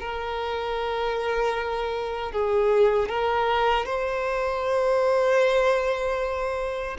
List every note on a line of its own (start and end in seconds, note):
0.00 2.32 A#4
2.32 3.09 G#4
3.09 3.86 A#4
3.86 6.97 C5